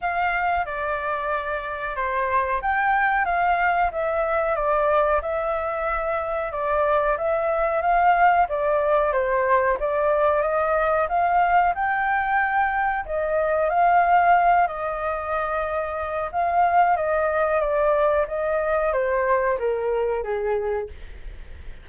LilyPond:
\new Staff \with { instrumentName = "flute" } { \time 4/4 \tempo 4 = 92 f''4 d''2 c''4 | g''4 f''4 e''4 d''4 | e''2 d''4 e''4 | f''4 d''4 c''4 d''4 |
dis''4 f''4 g''2 | dis''4 f''4. dis''4.~ | dis''4 f''4 dis''4 d''4 | dis''4 c''4 ais'4 gis'4 | }